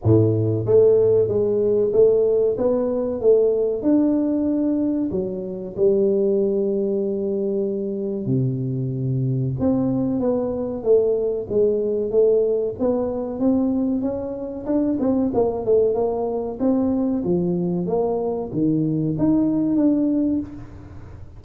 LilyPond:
\new Staff \with { instrumentName = "tuba" } { \time 4/4 \tempo 4 = 94 a,4 a4 gis4 a4 | b4 a4 d'2 | fis4 g2.~ | g4 c2 c'4 |
b4 a4 gis4 a4 | b4 c'4 cis'4 d'8 c'8 | ais8 a8 ais4 c'4 f4 | ais4 dis4 dis'4 d'4 | }